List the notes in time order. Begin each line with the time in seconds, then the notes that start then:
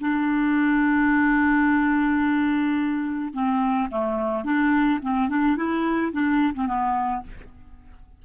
0.00 D4
3.33 C4
3.90 A3
4.44 D4
5.02 C4
5.28 D4
5.56 E4
6.12 D4
6.54 C4
6.67 B3